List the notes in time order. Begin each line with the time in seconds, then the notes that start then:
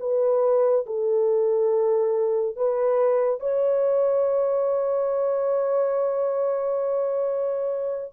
0.00 B4
0.86 A4
2.56 B4
3.40 C#5